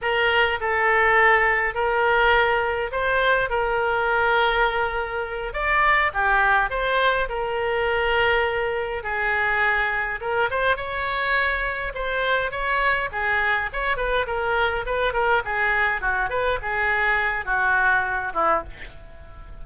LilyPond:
\new Staff \with { instrumentName = "oboe" } { \time 4/4 \tempo 4 = 103 ais'4 a'2 ais'4~ | ais'4 c''4 ais'2~ | ais'4. d''4 g'4 c''8~ | c''8 ais'2. gis'8~ |
gis'4. ais'8 c''8 cis''4.~ | cis''8 c''4 cis''4 gis'4 cis''8 | b'8 ais'4 b'8 ais'8 gis'4 fis'8 | b'8 gis'4. fis'4. e'8 | }